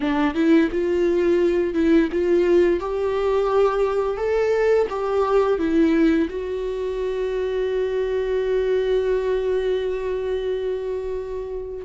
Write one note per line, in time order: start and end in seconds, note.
0.00 0.34 D4
0.34 0.69 E4
0.71 1.73 F4
1.73 2.08 E4
2.12 2.79 F4
2.79 4.17 G4
4.17 4.87 A4
4.89 5.58 G4
5.58 6.28 E4
6.29 11.84 F#4